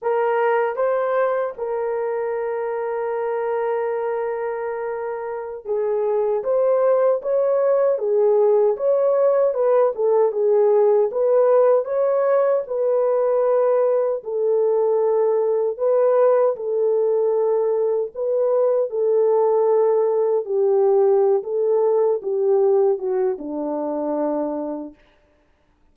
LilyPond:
\new Staff \with { instrumentName = "horn" } { \time 4/4 \tempo 4 = 77 ais'4 c''4 ais'2~ | ais'2.~ ais'16 gis'8.~ | gis'16 c''4 cis''4 gis'4 cis''8.~ | cis''16 b'8 a'8 gis'4 b'4 cis''8.~ |
cis''16 b'2 a'4.~ a'16~ | a'16 b'4 a'2 b'8.~ | b'16 a'2 g'4~ g'16 a'8~ | a'8 g'4 fis'8 d'2 | }